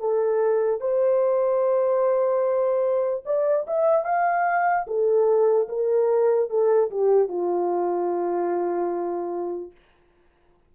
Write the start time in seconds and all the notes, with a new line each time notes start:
0.00 A4
0.81 C5
3.26 D5
3.67 E5
4.05 F5
4.88 A4
5.69 A#4
6.50 A4
6.91 G4
7.29 F4